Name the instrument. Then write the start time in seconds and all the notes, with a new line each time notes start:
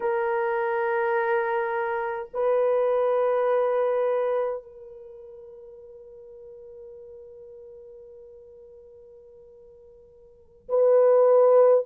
horn
0.00 A#4
2.33 B4
4.62 A#4
10.68 B4